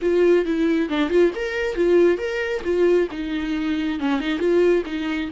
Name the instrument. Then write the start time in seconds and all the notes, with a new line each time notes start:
viola
0.01 F4
0.45 E4
0.89 D4
1.09 F4
1.35 A#4
1.75 F4
2.17 A#4
2.64 F4
3.11 D#4
3.99 C#4
4.20 D#4
4.38 F4
4.85 D#4